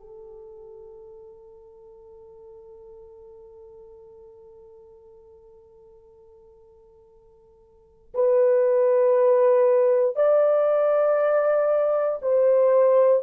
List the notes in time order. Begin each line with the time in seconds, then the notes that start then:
0.00 A4
8.14 B4
10.16 D5
12.22 C5